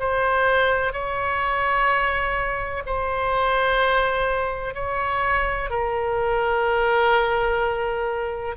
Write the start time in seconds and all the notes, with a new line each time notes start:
0.00 C5
0.93 C#5
2.86 C5
4.75 C#5
5.70 A#4